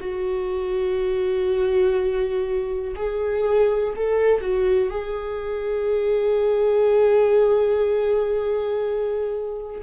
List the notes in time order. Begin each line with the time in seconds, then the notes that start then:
0.00 F#4
2.96 G#4
3.96 A4
4.41 F#4
4.90 G#4